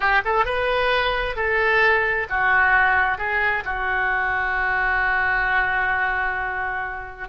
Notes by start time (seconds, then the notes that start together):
0.00 G4
0.24 A4
0.45 B4
1.36 A4
2.29 F#4
3.18 G#4
3.64 F#4